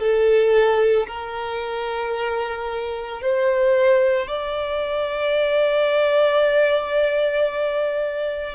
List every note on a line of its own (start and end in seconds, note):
0.00 1.07 A4
1.07 3.21 A#4
3.22 4.28 C5
4.28 8.55 D5